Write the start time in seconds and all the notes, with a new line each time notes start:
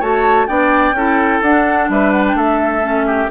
0.00 A3 F#4 C#5 A5
0.48 B3 D4 D5 G5
0.92 C#4 E4 A4
1.42 D4 F#5
1.89 G3 B4 E5
2.12 F#5
2.28 G5
2.34 A3 A4 E5
2.82 C#4
3.07 G4